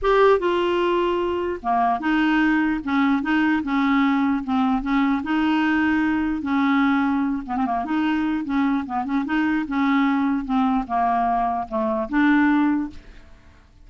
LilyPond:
\new Staff \with { instrumentName = "clarinet" } { \time 4/4 \tempo 4 = 149 g'4 f'2. | ais4 dis'2 cis'4 | dis'4 cis'2 c'4 | cis'4 dis'2. |
cis'2~ cis'8 b16 c'16 ais8 dis'8~ | dis'4 cis'4 b8 cis'8 dis'4 | cis'2 c'4 ais4~ | ais4 a4 d'2 | }